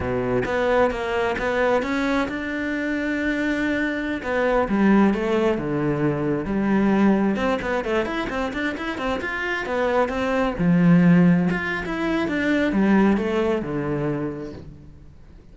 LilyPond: \new Staff \with { instrumentName = "cello" } { \time 4/4 \tempo 4 = 132 b,4 b4 ais4 b4 | cis'4 d'2.~ | d'4~ d'16 b4 g4 a8.~ | a16 d2 g4.~ g16~ |
g16 c'8 b8 a8 e'8 c'8 d'8 e'8 c'16~ | c'16 f'4 b4 c'4 f8.~ | f4~ f16 f'8. e'4 d'4 | g4 a4 d2 | }